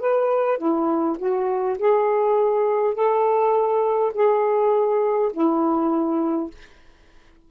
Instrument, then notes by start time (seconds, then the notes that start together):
saxophone
0.00 B4
0.58 E4
1.18 F#4
1.79 G#4
2.94 A4
4.14 G#4
5.33 E4